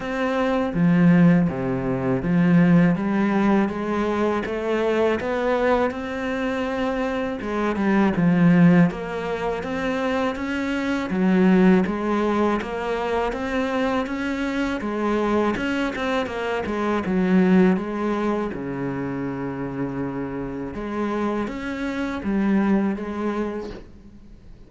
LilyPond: \new Staff \with { instrumentName = "cello" } { \time 4/4 \tempo 4 = 81 c'4 f4 c4 f4 | g4 gis4 a4 b4 | c'2 gis8 g8 f4 | ais4 c'4 cis'4 fis4 |
gis4 ais4 c'4 cis'4 | gis4 cis'8 c'8 ais8 gis8 fis4 | gis4 cis2. | gis4 cis'4 g4 gis4 | }